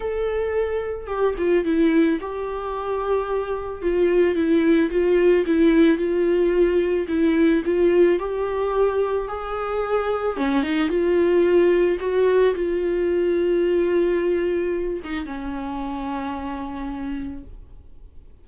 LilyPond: \new Staff \with { instrumentName = "viola" } { \time 4/4 \tempo 4 = 110 a'2 g'8 f'8 e'4 | g'2. f'4 | e'4 f'4 e'4 f'4~ | f'4 e'4 f'4 g'4~ |
g'4 gis'2 cis'8 dis'8 | f'2 fis'4 f'4~ | f'2.~ f'8 dis'8 | cis'1 | }